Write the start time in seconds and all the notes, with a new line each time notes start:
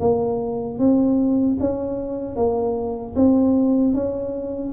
0.00 A#3
0.79 C4
1.60 C#4
2.36 A#3
3.15 C4
3.94 C#4